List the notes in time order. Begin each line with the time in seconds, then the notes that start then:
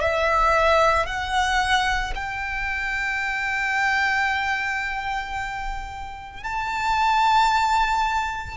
0.00 E5
1.06 F#5
2.15 G5
6.43 A5